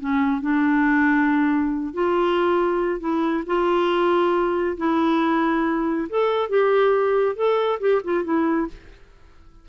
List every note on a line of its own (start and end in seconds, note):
0.00 0.41 C#4
0.41 1.93 D4
1.93 3.00 F4
3.00 3.43 E4
3.46 4.77 F4
4.77 6.08 E4
6.09 6.49 A4
6.49 7.36 G4
7.36 7.79 A4
7.80 8.01 G4
8.04 8.24 F4
8.24 8.67 E4